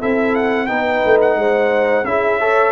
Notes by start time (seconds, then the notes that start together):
0.00 C4 E4 A4 E5
0.36 F#5
0.67 B3 D#4 B4 G5
1.06 A3
1.22 F#5
1.36 G#3 C5
2.05 C#4 E4 G#4 E5
2.41 A4 C#5